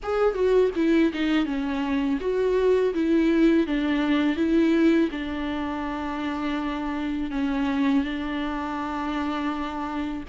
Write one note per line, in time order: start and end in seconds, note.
0.03 0.34 G#4
0.34 0.71 F#4
0.75 1.12 E4
1.13 1.45 D#4
1.45 2.19 C#4
2.20 2.93 F#4
2.93 3.66 E4
3.66 4.36 D4
4.36 5.09 E4
5.11 7.30 D4
7.30 8.04 C#4
8.04 10.23 D4